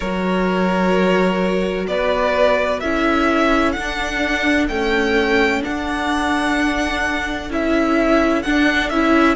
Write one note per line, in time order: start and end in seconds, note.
0.00 1.87 F#3
0.00 2.83 F#4
0.00 1.87 A#4
0.00 1.86 C#5
1.87 2.80 B3
1.87 2.80 B4
1.87 2.80 D5
2.80 3.76 C#4
2.80 3.77 E4
2.80 9.35 A4
2.80 3.72 E5
3.72 4.70 D4
3.72 4.68 D4
3.72 4.65 F#5
4.68 5.61 A3
4.68 5.64 C#4
4.68 5.62 G5
5.61 7.49 D4
5.61 7.50 D4
5.61 7.51 F#5
7.50 8.43 C#4
7.50 8.44 E4
7.50 8.42 E5
8.42 8.89 D4
8.42 8.92 D4
8.42 8.89 F#5
8.89 9.35 C#4
8.89 9.35 E4
8.89 9.35 E5